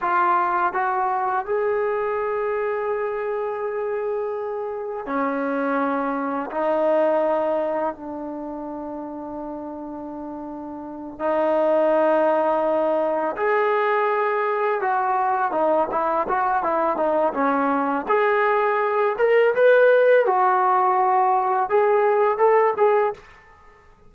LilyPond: \new Staff \with { instrumentName = "trombone" } { \time 4/4 \tempo 4 = 83 f'4 fis'4 gis'2~ | gis'2. cis'4~ | cis'4 dis'2 d'4~ | d'2.~ d'8 dis'8~ |
dis'2~ dis'8 gis'4.~ | gis'8 fis'4 dis'8 e'8 fis'8 e'8 dis'8 | cis'4 gis'4. ais'8 b'4 | fis'2 gis'4 a'8 gis'8 | }